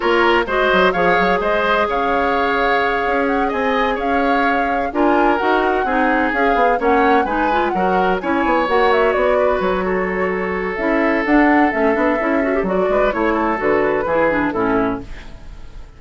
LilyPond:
<<
  \new Staff \with { instrumentName = "flute" } { \time 4/4 \tempo 4 = 128 cis''4 dis''4 f''4 dis''4 | f''2. fis''8 gis''8~ | gis''8 f''2 gis''4 fis''8~ | fis''4. f''4 fis''4 gis''8~ |
gis''8 fis''4 gis''4 fis''8 e''8 d''8~ | d''8 cis''2~ cis''8 e''4 | fis''4 e''2 d''4 | cis''4 b'2 a'4 | }
  \new Staff \with { instrumentName = "oboe" } { \time 4/4 ais'4 c''4 cis''4 c''4 | cis''2.~ cis''8 dis''8~ | dis''8 cis''2 ais'4.~ | ais'8 gis'2 cis''4 b'8~ |
b'8 ais'4 cis''2~ cis''8 | b'4 a'2.~ | a'2.~ a'8 b'8 | cis''8 a'4. gis'4 e'4 | }
  \new Staff \with { instrumentName = "clarinet" } { \time 4/4 f'4 fis'4 gis'2~ | gis'1~ | gis'2~ gis'8 f'4 fis'8~ | fis'8 dis'4 gis'4 cis'4 dis'8 |
f'8 fis'4 e'4 fis'4.~ | fis'2. e'4 | d'4 cis'8 d'8 e'8 fis'16 g'16 fis'4 | e'4 fis'4 e'8 d'8 cis'4 | }
  \new Staff \with { instrumentName = "bassoon" } { \time 4/4 ais4 gis8 fis8 f8 fis8 gis4 | cis2~ cis8 cis'4 c'8~ | c'8 cis'2 d'4 dis'8~ | dis'8 c'4 cis'8 b8 ais4 gis8~ |
gis8 fis4 cis'8 b8 ais4 b8~ | b8 fis2~ fis8 cis'4 | d'4 a8 b8 cis'4 fis8 gis8 | a4 d4 e4 a,4 | }
>>